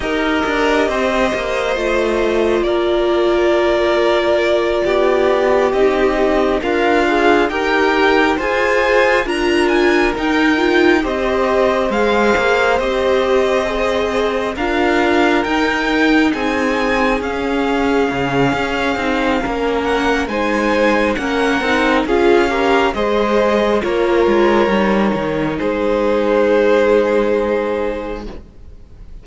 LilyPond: <<
  \new Staff \with { instrumentName = "violin" } { \time 4/4 \tempo 4 = 68 dis''2. d''4~ | d''2~ d''8 dis''4 f''8~ | f''8 g''4 gis''4 ais''8 gis''8 g''8~ | g''8 dis''4 f''4 dis''4.~ |
dis''8 f''4 g''4 gis''4 f''8~ | f''2~ f''8 fis''8 gis''4 | fis''4 f''4 dis''4 cis''4~ | cis''4 c''2. | }
  \new Staff \with { instrumentName = "violin" } { \time 4/4 ais'4 c''2 ais'4~ | ais'4. g'2 f'8~ | f'8 ais'4 c''4 ais'4.~ | ais'8 c''2.~ c''8~ |
c''8 ais'2 gis'4.~ | gis'2 ais'4 c''4 | ais'4 gis'8 ais'8 c''4 ais'4~ | ais'4 gis'2. | }
  \new Staff \with { instrumentName = "viola" } { \time 4/4 g'2 f'2~ | f'2~ f'8 dis'4 ais'8 | gis'8 g'4 gis'4 f'4 dis'8 | f'8 g'4 gis'4 g'4 gis'8~ |
gis'8 f'4 dis'2 cis'8~ | cis'4. dis'8 cis'4 dis'4 | cis'8 dis'8 f'8 g'8 gis'4 f'4 | dis'1 | }
  \new Staff \with { instrumentName = "cello" } { \time 4/4 dis'8 d'8 c'8 ais8 a4 ais4~ | ais4. b4 c'4 d'8~ | d'8 dis'4 f'4 d'4 dis'8~ | dis'8 c'4 gis8 ais8 c'4.~ |
c'8 d'4 dis'4 c'4 cis'8~ | cis'8 cis8 cis'8 c'8 ais4 gis4 | ais8 c'8 cis'4 gis4 ais8 gis8 | g8 dis8 gis2. | }
>>